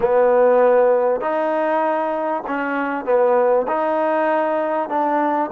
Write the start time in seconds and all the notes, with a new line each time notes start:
0.00 B3
1.21 D#4
2.47 C#4
3.05 B3
3.67 D#4
4.89 D4